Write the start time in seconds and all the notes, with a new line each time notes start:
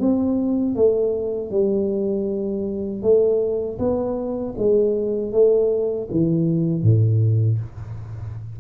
0.00 C4
0.76 A3
1.51 G3
3.02 A3
3.79 B3
4.58 G#3
5.32 A3
6.11 E3
6.83 A2